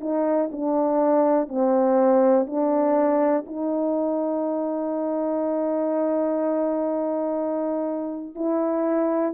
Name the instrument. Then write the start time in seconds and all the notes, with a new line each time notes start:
horn
0.00 D#4
0.51 D4
1.48 C4
2.46 D4
3.46 D#4
8.35 E4